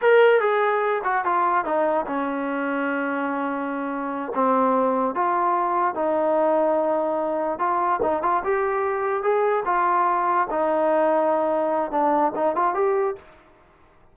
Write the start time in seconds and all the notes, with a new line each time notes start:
0.01 A#4
0.40 G#4
1.04 F#4
1.24 F4
1.64 D#4
2.06 C#4
4.35 C4
5.14 F4
5.94 D#4
7.58 F4
8.02 D#4
8.22 F4
8.44 G4
9.22 G#4
9.65 F4
10.50 D#4
11.91 D4
12.35 D#4
12.55 F4
12.74 G4